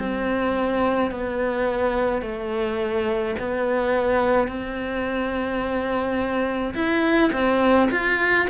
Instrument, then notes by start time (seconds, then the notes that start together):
cello
0.00 C4
1.11 B3
2.22 A3
3.39 B3
4.48 C4
6.75 E4
7.33 C4
7.91 F4